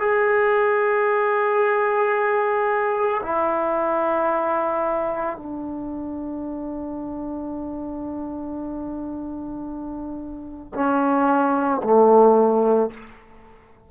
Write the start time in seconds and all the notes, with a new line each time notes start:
0.00 G#4
3.23 E4
5.37 D4
10.74 C#4
11.83 A3